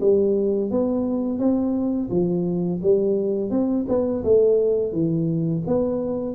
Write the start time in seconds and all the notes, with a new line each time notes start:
0.00 G3
0.71 B3
1.38 C4
2.10 F3
2.82 G3
3.50 C4
3.88 B3
4.24 A3
4.92 E3
5.67 B3